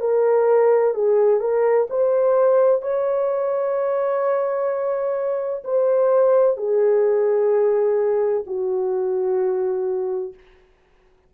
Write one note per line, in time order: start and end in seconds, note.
0.00 0.94 A#4
0.94 1.40 G#4
1.40 1.87 A#4
1.90 2.82 C5
2.82 5.63 C#5
5.64 6.57 C5
6.57 8.44 G#4
8.46 10.34 F#4